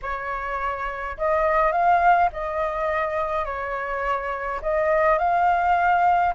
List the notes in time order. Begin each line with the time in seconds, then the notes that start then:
0.02 C#5
1.17 D#5
1.72 F5
2.32 D#5
3.45 C#5
4.62 D#5
5.18 F5